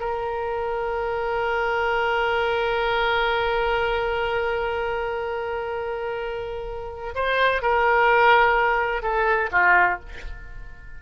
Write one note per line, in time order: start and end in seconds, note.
0.00 7.14 A#4
7.15 7.62 C5
7.62 9.03 A#4
9.03 9.50 A4
9.52 9.99 F4